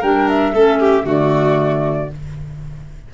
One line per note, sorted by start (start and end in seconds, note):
0.00 0.54 G3
0.00 0.55 D4
0.00 0.52 A#4
0.00 0.29 G5
0.29 1.08 E5
0.54 1.04 A3
0.54 1.04 C#4
0.54 0.80 A4
0.80 1.06 G4
1.04 2.09 D3
1.04 2.08 A3
1.04 2.10 F#4
1.04 2.14 D5